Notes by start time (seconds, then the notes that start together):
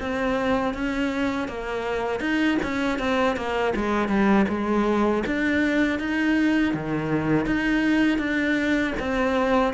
0.00 C4
0.74 C#4
1.48 A#3
2.20 D#4
2.62 C#4
2.99 C4
3.36 A#3
3.75 G#3
4.08 G3
4.48 G#3
5.26 D4
5.99 D#4
6.74 D#3
7.46 D#4
8.19 D4
8.99 C4